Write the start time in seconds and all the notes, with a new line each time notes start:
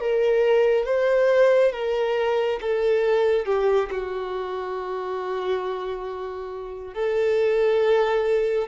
0.00 A#4
0.85 C5
1.72 A#4
2.61 A4
3.45 G4
3.91 F#4
6.94 A4